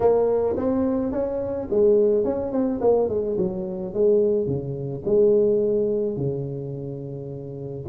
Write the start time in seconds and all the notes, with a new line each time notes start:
0.00 A#3
0.56 C4
1.12 C#4
1.70 G#3
2.24 C#4
2.52 C4
2.80 A#3
3.08 G#3
3.37 F#3
3.93 G#3
4.46 C#3
5.05 G#3
6.16 C#3